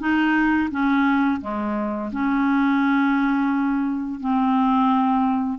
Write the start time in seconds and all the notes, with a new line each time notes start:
0.00 D#4
0.71 C#4
1.41 G#3
2.12 C#4
4.20 C4